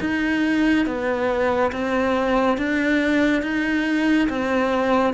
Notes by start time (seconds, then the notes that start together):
0.00 D#4
0.86 B3
1.71 C4
2.57 D4
3.42 D#4
4.29 C4